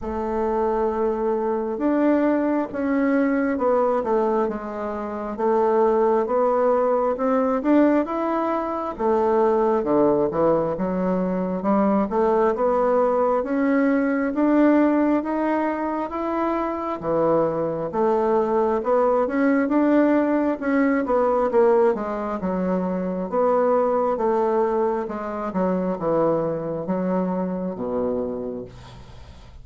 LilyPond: \new Staff \with { instrumentName = "bassoon" } { \time 4/4 \tempo 4 = 67 a2 d'4 cis'4 | b8 a8 gis4 a4 b4 | c'8 d'8 e'4 a4 d8 e8 | fis4 g8 a8 b4 cis'4 |
d'4 dis'4 e'4 e4 | a4 b8 cis'8 d'4 cis'8 b8 | ais8 gis8 fis4 b4 a4 | gis8 fis8 e4 fis4 b,4 | }